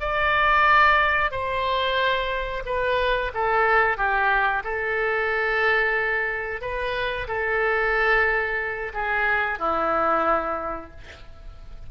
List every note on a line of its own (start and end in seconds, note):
0.00 1.31 D5
1.31 2.63 C5
2.66 3.31 B4
3.34 3.97 A4
3.97 4.63 G4
4.64 6.61 A4
6.61 7.27 B4
7.28 8.93 A4
8.94 9.59 G#4
9.59 10.91 E4